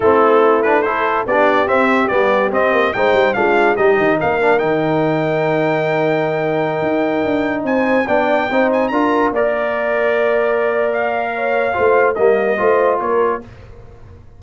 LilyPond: <<
  \new Staff \with { instrumentName = "trumpet" } { \time 4/4 \tempo 4 = 143 a'4. b'8 c''4 d''4 | e''4 d''4 dis''4 g''4 | f''4 dis''4 f''4 g''4~ | g''1~ |
g''2~ g''16 gis''4 g''8.~ | g''8. gis''8 ais''4 d''4.~ d''16~ | d''2 f''2~ | f''4 dis''2 cis''4 | }
  \new Staff \with { instrumentName = "horn" } { \time 4/4 e'2 a'4 g'4~ | g'2. c''4 | f'4 g'4 ais'2~ | ais'1~ |
ais'2~ ais'16 c''4 d''8.~ | d''16 c''4 ais'4 d''4.~ d''16~ | d''2. cis''4 | c''4 ais'4 c''4 ais'4 | }
  \new Staff \with { instrumentName = "trombone" } { \time 4/4 c'4. d'8 e'4 d'4 | c'4 b4 c'4 dis'4 | d'4 dis'4. d'8 dis'4~ | dis'1~ |
dis'2.~ dis'16 d'8.~ | d'16 dis'4 f'4 ais'4.~ ais'16~ | ais'1 | f'4 ais4 f'2 | }
  \new Staff \with { instrumentName = "tuba" } { \time 4/4 a2. b4 | c'4 g4 c'8 ais8 gis8 g8 | gis4 g8 dis8 ais4 dis4~ | dis1~ |
dis16 dis'4 d'4 c'4 b8.~ | b16 c'4 d'4 ais4.~ ais16~ | ais1 | a4 g4 a4 ais4 | }
>>